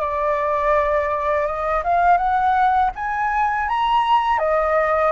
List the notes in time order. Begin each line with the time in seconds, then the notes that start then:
0.00 D5
1.46 D#5
1.83 F5
2.17 F#5
2.95 G#5
3.69 A#5
4.38 D#5